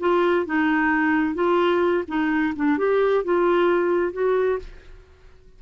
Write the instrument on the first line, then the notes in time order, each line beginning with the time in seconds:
clarinet
0.00 F4
0.46 D#4
1.35 F4
2.08 D#4
2.56 D4
2.78 G4
3.24 F4
4.13 F#4